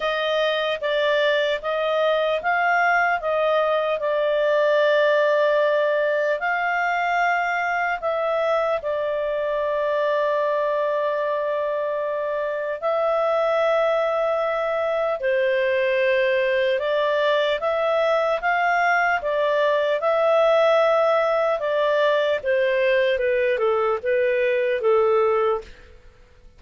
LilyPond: \new Staff \with { instrumentName = "clarinet" } { \time 4/4 \tempo 4 = 75 dis''4 d''4 dis''4 f''4 | dis''4 d''2. | f''2 e''4 d''4~ | d''1 |
e''2. c''4~ | c''4 d''4 e''4 f''4 | d''4 e''2 d''4 | c''4 b'8 a'8 b'4 a'4 | }